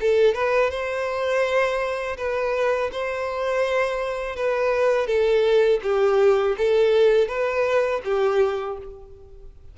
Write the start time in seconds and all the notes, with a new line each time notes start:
0.00 A4
0.34 B4
0.71 C5
2.17 B4
2.92 C5
4.36 B4
5.07 A4
5.83 G4
6.58 A4
7.28 B4
8.04 G4